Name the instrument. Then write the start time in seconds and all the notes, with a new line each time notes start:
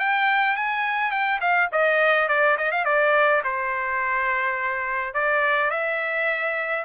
trumpet
0.00 G5
0.57 G#5
1.12 G5
1.41 F5
1.72 D#5
2.29 D5
2.58 D#5
2.72 F5
2.85 D5
3.44 C5
5.15 D5
5.71 E5